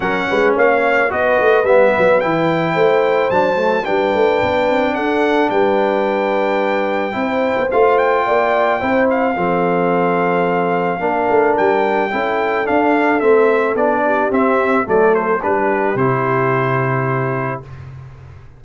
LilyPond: <<
  \new Staff \with { instrumentName = "trumpet" } { \time 4/4 \tempo 4 = 109 fis''4 f''4 dis''4 e''4 | g''2 a''4 g''4~ | g''4 fis''4 g''2~ | g''2 f''8 g''4.~ |
g''8 f''2.~ f''8~ | f''4 g''2 f''4 | e''4 d''4 e''4 d''8 c''8 | b'4 c''2. | }
  \new Staff \with { instrumentName = "horn" } { \time 4/4 ais'8 b'8 cis''4 b'2~ | b'4 c''2 b'4~ | b'4 a'4 b'2~ | b'4 c''2 d''4 |
c''4 a'2. | ais'2 a'2~ | a'4. g'4. a'4 | g'1 | }
  \new Staff \with { instrumentName = "trombone" } { \time 4/4 cis'2 fis'4 b4 | e'2 d'8 a8 d'4~ | d'1~ | d'4 e'4 f'2 |
e'4 c'2. | d'2 e'4 d'4 | c'4 d'4 c'4 a4 | d'4 e'2. | }
  \new Staff \with { instrumentName = "tuba" } { \time 4/4 fis8 gis8 ais4 b8 a8 g8 fis8 | e4 a4 fis4 g8 a8 | b8 c'8 d'4 g2~ | g4 c'8. b16 a4 ais4 |
c'4 f2. | ais8 a8 g4 cis'4 d'4 | a4 b4 c'4 fis4 | g4 c2. | }
>>